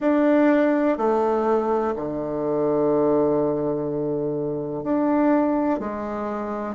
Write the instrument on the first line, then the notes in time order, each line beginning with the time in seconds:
bassoon
0.00 D4
0.97 A3
1.96 D3
4.83 D4
5.79 G#3